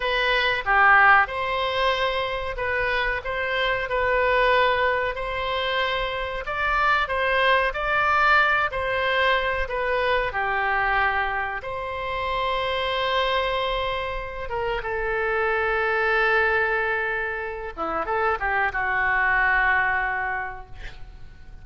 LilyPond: \new Staff \with { instrumentName = "oboe" } { \time 4/4 \tempo 4 = 93 b'4 g'4 c''2 | b'4 c''4 b'2 | c''2 d''4 c''4 | d''4. c''4. b'4 |
g'2 c''2~ | c''2~ c''8 ais'8 a'4~ | a'2.~ a'8 e'8 | a'8 g'8 fis'2. | }